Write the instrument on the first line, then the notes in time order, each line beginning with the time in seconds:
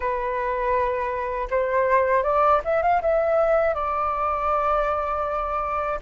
flute
0.00 B4
1.50 C5
2.23 D5
2.64 E5
2.82 F5
3.01 E5
3.74 D5